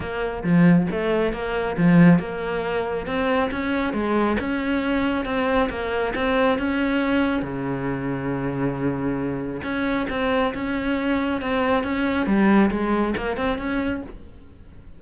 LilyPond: \new Staff \with { instrumentName = "cello" } { \time 4/4 \tempo 4 = 137 ais4 f4 a4 ais4 | f4 ais2 c'4 | cis'4 gis4 cis'2 | c'4 ais4 c'4 cis'4~ |
cis'4 cis2.~ | cis2 cis'4 c'4 | cis'2 c'4 cis'4 | g4 gis4 ais8 c'8 cis'4 | }